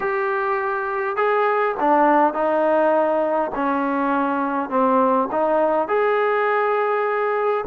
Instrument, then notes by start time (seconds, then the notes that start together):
trombone
0.00 G4
1.16 G#4
1.80 D4
2.33 D#4
3.55 C#4
4.69 C4
5.31 D#4
5.88 G#4